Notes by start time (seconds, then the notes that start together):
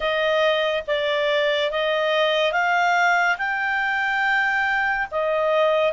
0.00 D#5
0.87 D5
1.71 D#5
2.52 F5
3.38 G5
5.11 D#5